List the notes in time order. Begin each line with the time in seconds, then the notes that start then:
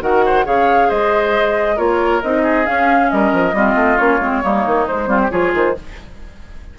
0.00 D#3 F#4 A#4 F#5
0.25 C5
0.44 C#3 G#4 C#5 F5
0.88 G#3 C5 D#5
1.75 A#3 F4 A#4 C#5
2.22 C4 D#4 D#5
2.43 G#4
2.65 C#4 F5
3.10 G3 A#4 D#5
3.32 F3
3.52 G3 C4 F4
3.75 A3
3.97 A#3 C#4 C#5
4.19 G#3 C4
4.42 G3 A#3 D#4
4.66 D#3
4.87 G#3 C5
5.06 G3 C4 F4
5.22 G4
5.30 F3 F4 G#4 C#5
5.53 D#3 C5